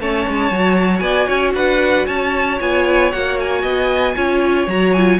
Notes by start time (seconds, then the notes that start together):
0.00 A3 C#4 C#5 A5
0.28 G#3
0.51 F#3 F#4
0.99 B3 D5 G#5
1.27 C#4 C#5
1.55 D4 B4 F#5
2.07 C#4 C#5 A5
2.60 B3 F4 G#5
3.12 A#3 F#4 F#5
3.40 G#5
3.63 B3 D#5
4.16 C#4 F4 C#5
4.67 F#3 F#4 A#5
4.93 F4 G#5